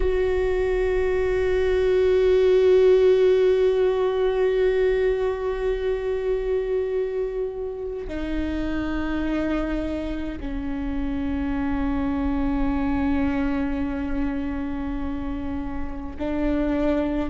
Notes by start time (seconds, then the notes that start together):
0.00 F#4
8.08 D#4
10.40 C#4
16.19 D4